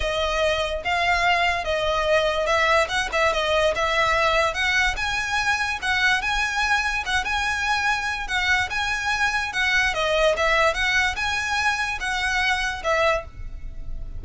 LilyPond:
\new Staff \with { instrumentName = "violin" } { \time 4/4 \tempo 4 = 145 dis''2 f''2 | dis''2 e''4 fis''8 e''8 | dis''4 e''2 fis''4 | gis''2 fis''4 gis''4~ |
gis''4 fis''8 gis''2~ gis''8 | fis''4 gis''2 fis''4 | dis''4 e''4 fis''4 gis''4~ | gis''4 fis''2 e''4 | }